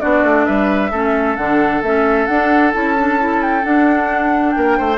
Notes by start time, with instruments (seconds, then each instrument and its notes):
0.00 bassoon B3, clarinet D4, oboe F#4, flute D5
0.23 bassoon A3
0.46 bassoon G3, oboe B4, flute E5
0.91 bassoon A3, clarinet C#4, oboe A4
1.36 bassoon D3, clarinet D4, flute F#5
1.82 bassoon A3, clarinet C#4, flute E5
2.26 bassoon D4, clarinet D4, flute F#5
2.73 bassoon C#4, clarinet E4, flute A5
2.97 clarinet D4
3.19 clarinet E4
3.42 flute G5
3.62 clarinet D4, bassoon D4, flute F#5
4.51 bassoon A#3, flute G5
4.58 oboe A#4
4.78 bassoon A3, oboe C5